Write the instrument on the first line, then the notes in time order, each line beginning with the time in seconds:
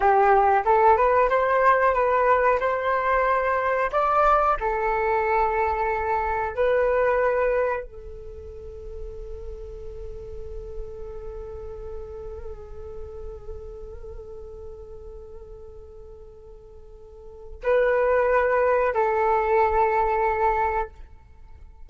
flute
0.00 G4
0.65 A4
0.96 B4
1.29 C5
1.94 B4
2.60 C5
3.92 D5
4.59 A4
6.55 B4
7.83 A4
17.63 B4
18.93 A4